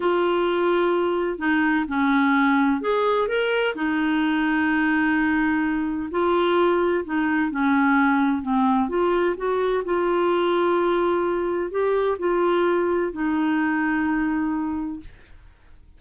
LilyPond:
\new Staff \with { instrumentName = "clarinet" } { \time 4/4 \tempo 4 = 128 f'2. dis'4 | cis'2 gis'4 ais'4 | dis'1~ | dis'4 f'2 dis'4 |
cis'2 c'4 f'4 | fis'4 f'2.~ | f'4 g'4 f'2 | dis'1 | }